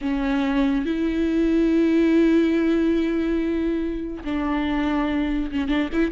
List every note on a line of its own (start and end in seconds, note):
0.01 0.85 C#4
0.85 4.23 E4
4.24 5.51 D4
5.51 5.68 C#4
5.68 5.89 D4
5.92 6.11 E4